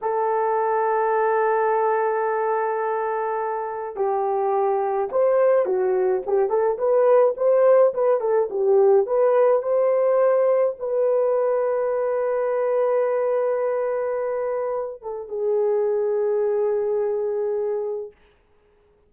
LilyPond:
\new Staff \with { instrumentName = "horn" } { \time 4/4 \tempo 4 = 106 a'1~ | a'2. g'4~ | g'4 c''4 fis'4 g'8 a'8 | b'4 c''4 b'8 a'8 g'4 |
b'4 c''2 b'4~ | b'1~ | b'2~ b'8 a'8 gis'4~ | gis'1 | }